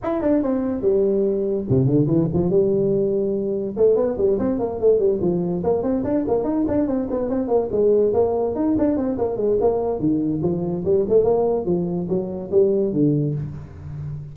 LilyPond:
\new Staff \with { instrumentName = "tuba" } { \time 4/4 \tempo 4 = 144 e'8 d'8 c'4 g2 | c8 d8 e8 f8 g2~ | g4 a8 b8 g8 c'8 ais8 a8 | g8 f4 ais8 c'8 d'8 ais8 dis'8 |
d'8 c'8 b8 c'8 ais8 gis4 ais8~ | ais8 dis'8 d'8 c'8 ais8 gis8 ais4 | dis4 f4 g8 a8 ais4 | f4 fis4 g4 d4 | }